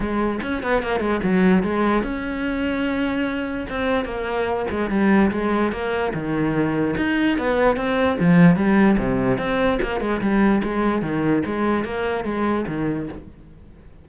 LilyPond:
\new Staff \with { instrumentName = "cello" } { \time 4/4 \tempo 4 = 147 gis4 cis'8 b8 ais8 gis8 fis4 | gis4 cis'2.~ | cis'4 c'4 ais4. gis8 | g4 gis4 ais4 dis4~ |
dis4 dis'4 b4 c'4 | f4 g4 c4 c'4 | ais8 gis8 g4 gis4 dis4 | gis4 ais4 gis4 dis4 | }